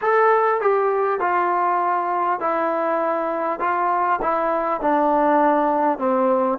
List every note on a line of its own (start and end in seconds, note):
0.01 0.61 A4
0.61 1.19 G4
1.19 2.39 F4
2.40 3.59 E4
3.59 4.19 F4
4.22 4.80 E4
4.80 5.98 D4
5.98 6.58 C4